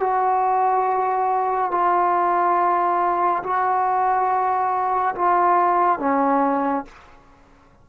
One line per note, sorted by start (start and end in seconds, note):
0.00 1.71 F#4
1.71 3.42 F4
3.43 5.15 F#4
5.15 5.99 F4
5.99 6.85 C#4